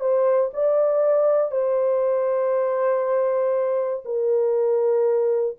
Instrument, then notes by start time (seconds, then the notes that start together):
horn
0.00 C5
0.53 D5
1.51 C5
4.05 A#4